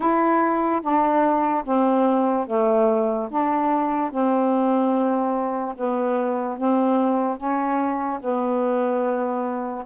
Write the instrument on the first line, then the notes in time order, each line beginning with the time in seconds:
saxophone
0.00 E4
0.81 D4
1.64 C4
2.47 A3
3.30 D4
4.10 C4
5.76 B3
6.58 C4
7.37 C#4
8.20 B3